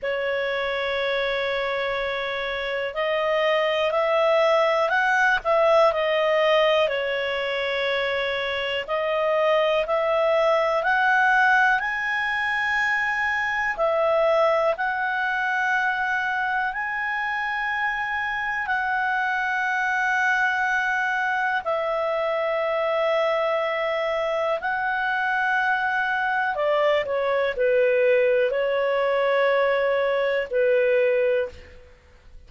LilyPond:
\new Staff \with { instrumentName = "clarinet" } { \time 4/4 \tempo 4 = 61 cis''2. dis''4 | e''4 fis''8 e''8 dis''4 cis''4~ | cis''4 dis''4 e''4 fis''4 | gis''2 e''4 fis''4~ |
fis''4 gis''2 fis''4~ | fis''2 e''2~ | e''4 fis''2 d''8 cis''8 | b'4 cis''2 b'4 | }